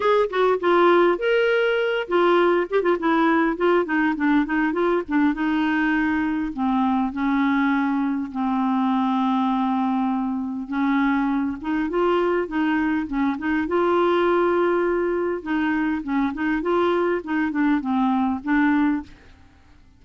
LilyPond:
\new Staff \with { instrumentName = "clarinet" } { \time 4/4 \tempo 4 = 101 gis'8 fis'8 f'4 ais'4. f'8~ | f'8 g'16 f'16 e'4 f'8 dis'8 d'8 dis'8 | f'8 d'8 dis'2 c'4 | cis'2 c'2~ |
c'2 cis'4. dis'8 | f'4 dis'4 cis'8 dis'8 f'4~ | f'2 dis'4 cis'8 dis'8 | f'4 dis'8 d'8 c'4 d'4 | }